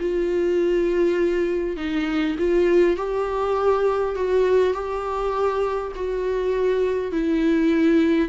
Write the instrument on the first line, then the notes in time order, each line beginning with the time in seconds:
viola
0.00 F4
1.77 D#4
2.39 F4
2.97 G4
4.16 F#4
4.74 G4
5.96 F#4
7.12 E4